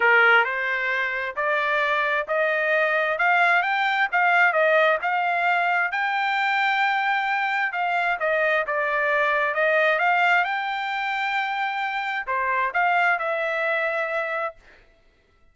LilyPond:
\new Staff \with { instrumentName = "trumpet" } { \time 4/4 \tempo 4 = 132 ais'4 c''2 d''4~ | d''4 dis''2 f''4 | g''4 f''4 dis''4 f''4~ | f''4 g''2.~ |
g''4 f''4 dis''4 d''4~ | d''4 dis''4 f''4 g''4~ | g''2. c''4 | f''4 e''2. | }